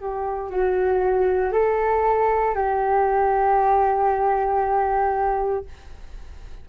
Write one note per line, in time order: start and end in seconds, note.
0.00 0.50 G4
0.50 1.52 F#4
1.52 2.55 A4
2.55 5.65 G4